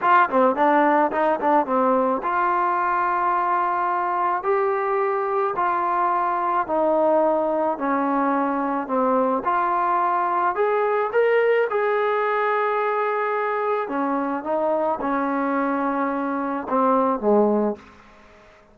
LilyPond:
\new Staff \with { instrumentName = "trombone" } { \time 4/4 \tempo 4 = 108 f'8 c'8 d'4 dis'8 d'8 c'4 | f'1 | g'2 f'2 | dis'2 cis'2 |
c'4 f'2 gis'4 | ais'4 gis'2.~ | gis'4 cis'4 dis'4 cis'4~ | cis'2 c'4 gis4 | }